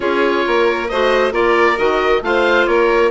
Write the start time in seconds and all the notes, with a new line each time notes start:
0.00 C#4 F4 G#4 C#5
0.46 A#3 A#4
0.88 A3 F#4 C5 D#5
1.31 A#3 F4 A#4 D5
1.76 D#3 F#4 D#5
2.21 A3 F4 C5 F5
2.66 A#3 A#4 C#5